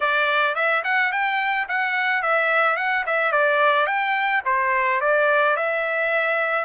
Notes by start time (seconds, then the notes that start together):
0.00 D5
0.55 E5
0.84 F#5
1.11 G5
1.68 F#5
2.22 E5
2.76 F#5
3.06 E5
3.32 D5
3.86 G5
4.45 C5
5.01 D5
5.56 E5